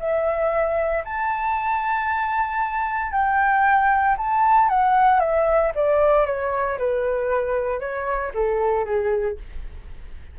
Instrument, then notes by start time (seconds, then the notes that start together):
flute
0.00 E5
1.05 A5
3.12 G5
4.18 A5
4.70 F#5
5.20 E5
5.76 D5
6.26 C#5
6.79 B4
7.80 C#5
8.35 A4
8.86 G#4